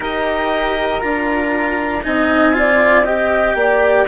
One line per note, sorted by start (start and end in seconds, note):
0.00 1.01 D#4
0.00 0.99 G4
0.00 2.03 A#4
0.00 1.01 D#5
0.99 2.05 D4
0.99 2.01 F4
0.99 2.02 A#5
2.03 3.54 C4
2.03 2.53 D#4
2.03 2.55 D#5
2.03 3.04 G#5
2.53 3.04 F4
2.53 3.04 D5
3.04 4.06 G4
3.04 3.55 D#5
3.04 4.06 G5
3.54 4.05 A#3
3.54 4.07 D5